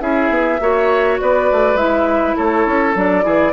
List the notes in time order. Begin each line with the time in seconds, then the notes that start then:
0.00 C#4 E4 G#4 E5
0.29 B3
0.60 A#3 F#4 C#5
1.20 B3 B4 D5
1.51 A3
1.74 G#3 E4 E5
2.36 A3 A4 C#5
2.66 C#4
2.95 F#3 D4 D5
3.22 E3 E4 G#4